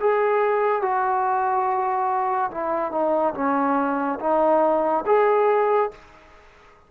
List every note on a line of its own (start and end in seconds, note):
0.00 0.81 G#4
0.81 2.50 F#4
2.50 2.91 E4
2.91 3.33 D#4
3.34 4.18 C#4
4.19 5.04 D#4
5.06 5.90 G#4